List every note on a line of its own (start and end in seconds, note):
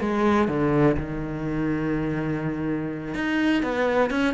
0.00 0.48 G#3
0.48 0.96 D3
0.97 3.14 D#3
3.14 3.62 D#4
3.62 4.10 B3
4.10 4.34 C#4